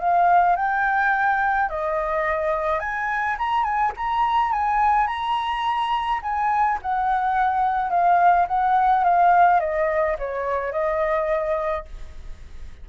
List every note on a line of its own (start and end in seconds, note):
0.00 0.56 F5
0.56 1.69 G5
1.69 2.80 D#5
2.80 3.37 G#5
3.39 3.64 A#5
3.64 3.92 G#5
3.97 4.52 A#5
4.52 5.07 G#5
5.07 6.21 A#5
6.23 6.79 G#5
6.82 7.90 F#5
7.90 8.47 F5
8.48 9.04 F#5
9.04 9.60 F5
9.60 10.17 D#5
10.19 10.72 C#5
10.72 11.86 D#5